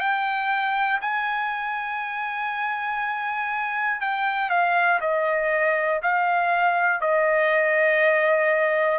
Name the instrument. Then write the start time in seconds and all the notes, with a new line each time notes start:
trumpet
0.00 G5
1.01 G#5
4.00 G5
4.50 F5
5.00 D#5
6.02 F5
7.00 D#5